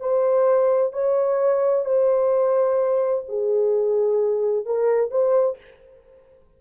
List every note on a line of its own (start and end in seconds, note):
0.00 0.93 C5
0.93 1.85 C#5
1.85 3.25 C5
3.29 4.66 G#4
4.66 5.11 A#4
5.11 5.58 C5